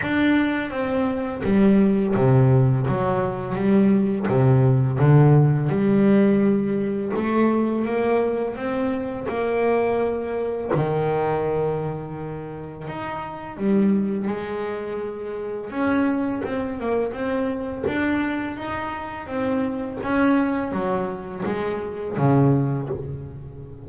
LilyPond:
\new Staff \with { instrumentName = "double bass" } { \time 4/4 \tempo 4 = 84 d'4 c'4 g4 c4 | fis4 g4 c4 d4 | g2 a4 ais4 | c'4 ais2 dis4~ |
dis2 dis'4 g4 | gis2 cis'4 c'8 ais8 | c'4 d'4 dis'4 c'4 | cis'4 fis4 gis4 cis4 | }